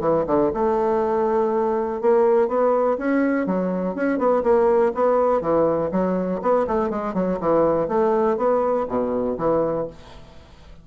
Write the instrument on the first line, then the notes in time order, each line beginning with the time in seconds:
bassoon
0.00 E3
0.27 D3
0.54 A3
2.01 A#3
2.48 B3
2.98 C#4
3.46 F#3
3.95 C#4
4.18 B3
4.43 A#3
4.95 B3
5.41 E3
5.92 F#3
6.42 B3
6.67 A3
6.90 G#3
7.14 F#3
7.40 E3
7.88 A3
8.37 B3
8.89 B2
9.38 E3